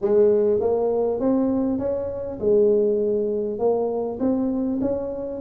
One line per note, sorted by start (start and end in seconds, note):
0.01 0.60 G#3
0.60 1.20 A#3
1.20 1.78 C4
1.78 2.38 C#4
2.39 3.58 G#3
3.58 4.18 A#3
4.19 4.79 C4
4.81 5.41 C#4